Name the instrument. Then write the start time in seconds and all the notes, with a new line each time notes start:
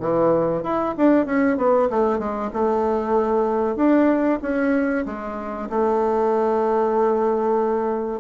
bassoon
0.00 E3
0.63 E4
0.97 D4
1.26 C#4
1.57 B3
1.90 A3
2.19 G#3
2.53 A3
3.76 D4
4.42 C#4
5.06 G#3
5.70 A3